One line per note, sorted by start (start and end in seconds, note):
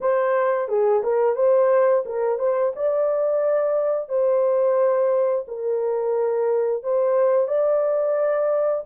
0.00 0.68 C5
0.68 1.02 G#4
1.03 1.35 A#4
1.35 2.04 C5
2.05 2.38 A#4
2.38 2.72 C5
2.75 4.08 D5
4.08 5.45 C5
5.47 6.83 A#4
6.83 7.47 C5
7.47 8.84 D5